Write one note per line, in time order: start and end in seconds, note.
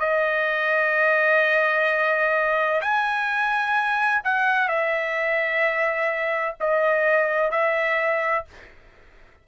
0.00 2.81 D#5
2.82 4.22 G#5
4.24 4.69 F#5
4.69 6.56 E5
6.61 7.52 D#5
7.52 8.45 E5